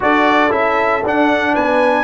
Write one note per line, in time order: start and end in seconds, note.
0.00 0.50 D4
0.00 0.50 F#4
0.00 1.53 A4
0.00 0.52 D5
0.50 1.02 C#4
0.50 1.01 E4
0.50 1.04 E5
1.04 1.55 D4
1.04 2.04 D4
1.04 1.55 F#5
1.53 2.04 B3
1.53 2.04 B4
1.53 2.04 G#5